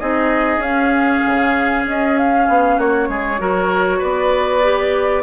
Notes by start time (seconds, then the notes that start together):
0.00 C4 D#4 G#4 D#5
0.58 C#4 F5
1.26 C#3
1.86 C#4 D#5
2.18 F5
2.48 B3
2.77 A#3 F#4 C#5
3.09 G#3 G#4
3.38 F#3 F#4 A#4
3.99 B3 B4 D5
4.63 G4